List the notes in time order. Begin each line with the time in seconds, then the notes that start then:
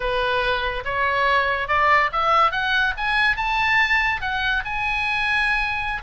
0.00 B4
0.84 C#5
1.68 D5
2.12 E5
2.51 F#5
2.97 G#5
3.36 A5
4.21 F#5
4.65 G#5